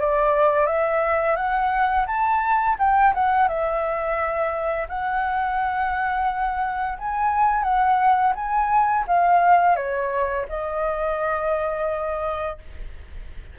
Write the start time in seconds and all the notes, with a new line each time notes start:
0.00 D5
0.67 E5
1.36 F#5
2.07 A5
2.78 G5
3.15 F#5
3.48 E5
4.89 F#5
6.98 G#5
7.63 F#5
8.35 G#5
9.07 F5
9.76 C#5
10.49 D#5